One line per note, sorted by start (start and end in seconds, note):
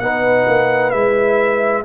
0.00 0.46 B3
0.00 0.92 D#4
0.00 1.85 B4
0.00 0.91 F#5
0.47 0.93 A#3
0.91 1.85 G#3
0.91 1.85 E4
0.91 1.83 E5